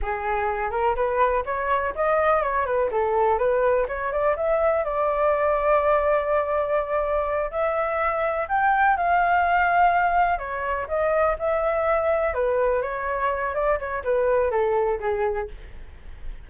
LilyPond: \new Staff \with { instrumentName = "flute" } { \time 4/4 \tempo 4 = 124 gis'4. ais'8 b'4 cis''4 | dis''4 cis''8 b'8 a'4 b'4 | cis''8 d''8 e''4 d''2~ | d''2.~ d''8 e''8~ |
e''4. g''4 f''4.~ | f''4. cis''4 dis''4 e''8~ | e''4. b'4 cis''4. | d''8 cis''8 b'4 a'4 gis'4 | }